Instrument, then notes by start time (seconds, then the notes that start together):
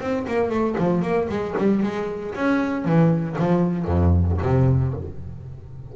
double bass
0.00 C4
0.27 A#3
0.50 A3
0.78 F3
1.02 A#3
1.29 G#3
1.57 G3
1.82 G#3
2.35 C#4
2.84 E3
3.39 F3
3.85 F2
4.42 C3